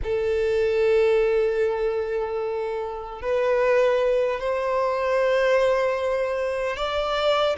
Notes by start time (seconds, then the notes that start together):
0.03 A4
3.21 B4
4.40 C5
6.76 D5